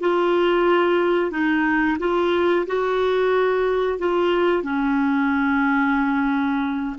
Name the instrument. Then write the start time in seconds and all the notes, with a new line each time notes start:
clarinet
0.00 F4
1.31 D#4
1.99 F4
2.66 F#4
3.98 F4
4.63 C#4